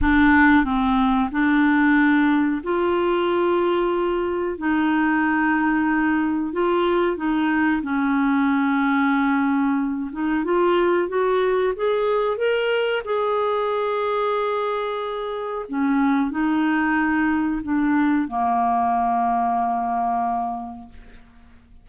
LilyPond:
\new Staff \with { instrumentName = "clarinet" } { \time 4/4 \tempo 4 = 92 d'4 c'4 d'2 | f'2. dis'4~ | dis'2 f'4 dis'4 | cis'2.~ cis'8 dis'8 |
f'4 fis'4 gis'4 ais'4 | gis'1 | cis'4 dis'2 d'4 | ais1 | }